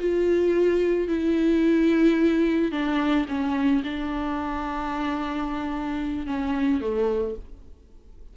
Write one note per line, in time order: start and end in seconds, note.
0.00 1.08 F4
1.08 2.72 E4
2.72 3.27 D4
3.29 3.83 C#4
3.84 6.27 D4
6.27 6.81 C#4
6.81 7.36 A3